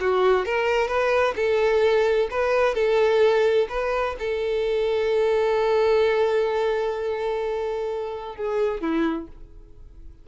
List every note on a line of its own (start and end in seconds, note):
0.00 0.45 F#4
0.45 0.88 A#4
0.88 1.34 B4
1.35 2.28 A4
2.30 2.74 B4
2.74 3.67 A4
3.69 4.15 B4
4.19 8.36 A4
8.36 8.81 G#4
8.81 9.27 E4